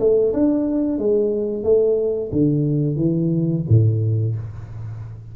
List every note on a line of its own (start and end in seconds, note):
0.00 0.33 A3
0.34 0.99 D4
0.99 1.64 G#3
1.64 2.31 A3
2.32 2.96 D3
2.96 3.63 E3
3.69 4.36 A2